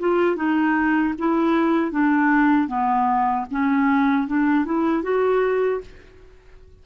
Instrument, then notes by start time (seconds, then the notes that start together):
clarinet
0.00 F4
0.36 D#4
1.19 E4
1.92 D4
2.68 B3
3.51 C#4
4.28 D4
4.65 E4
5.03 F#4